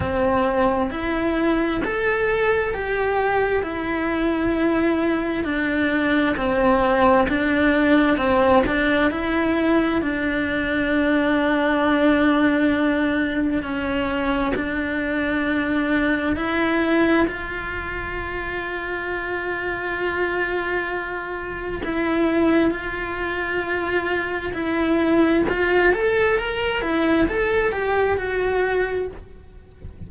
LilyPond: \new Staff \with { instrumentName = "cello" } { \time 4/4 \tempo 4 = 66 c'4 e'4 a'4 g'4 | e'2 d'4 c'4 | d'4 c'8 d'8 e'4 d'4~ | d'2. cis'4 |
d'2 e'4 f'4~ | f'1 | e'4 f'2 e'4 | f'8 a'8 ais'8 e'8 a'8 g'8 fis'4 | }